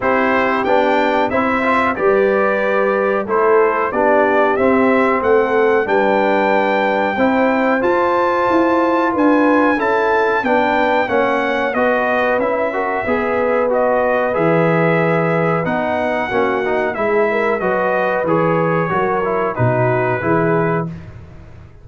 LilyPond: <<
  \new Staff \with { instrumentName = "trumpet" } { \time 4/4 \tempo 4 = 92 c''4 g''4 e''4 d''4~ | d''4 c''4 d''4 e''4 | fis''4 g''2. | a''2 gis''4 a''4 |
g''4 fis''4 dis''4 e''4~ | e''4 dis''4 e''2 | fis''2 e''4 dis''4 | cis''2 b'2 | }
  \new Staff \with { instrumentName = "horn" } { \time 4/4 g'2 c''4 b'4~ | b'4 a'4 g'2 | a'4 b'2 c''4~ | c''2 b'4 a'4 |
b'4 cis''4 b'4. ais'8 | b'1~ | b'4 fis'4 gis'8 ais'8 b'4~ | b'4 ais'4 fis'4 gis'4 | }
  \new Staff \with { instrumentName = "trombone" } { \time 4/4 e'4 d'4 e'8 f'8 g'4~ | g'4 e'4 d'4 c'4~ | c'4 d'2 e'4 | f'2. e'4 |
d'4 cis'4 fis'4 e'8 fis'8 | gis'4 fis'4 gis'2 | dis'4 cis'8 dis'8 e'4 fis'4 | gis'4 fis'8 e'8 dis'4 e'4 | }
  \new Staff \with { instrumentName = "tuba" } { \time 4/4 c'4 b4 c'4 g4~ | g4 a4 b4 c'4 | a4 g2 c'4 | f'4 e'4 d'4 cis'4 |
b4 ais4 b4 cis'4 | b2 e2 | b4 ais4 gis4 fis4 | e4 fis4 b,4 e4 | }
>>